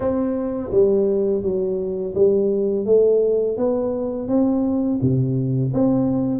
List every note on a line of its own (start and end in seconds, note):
0.00 0.70 C4
0.71 1.42 G3
1.42 2.13 F#3
2.14 2.85 G3
2.85 3.57 A3
3.57 4.28 B3
4.28 4.99 C4
5.01 5.72 C3
5.73 6.40 C4